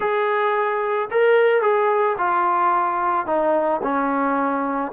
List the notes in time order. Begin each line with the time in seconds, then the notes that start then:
0.00 G#4
1.11 A#4
1.61 G#4
2.18 F4
3.26 D#4
3.82 C#4